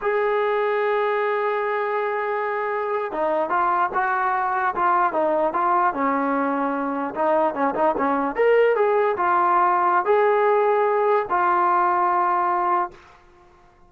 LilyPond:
\new Staff \with { instrumentName = "trombone" } { \time 4/4 \tempo 4 = 149 gis'1~ | gis'2.~ gis'8. dis'16~ | dis'8. f'4 fis'2 f'16~ | f'8. dis'4 f'4 cis'4~ cis'16~ |
cis'4.~ cis'16 dis'4 cis'8 dis'8 cis'16~ | cis'8. ais'4 gis'4 f'4~ f'16~ | f'4 gis'2. | f'1 | }